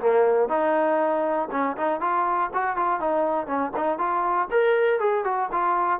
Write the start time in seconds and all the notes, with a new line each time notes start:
0.00 A#3
0.49 D#4
1.51 C#4
1.77 D#4
2.00 F4
2.53 F#4
2.76 F4
3.00 D#4
3.47 C#4
3.76 D#4
3.98 F4
4.51 A#4
4.99 G#4
5.24 F#4
5.52 F4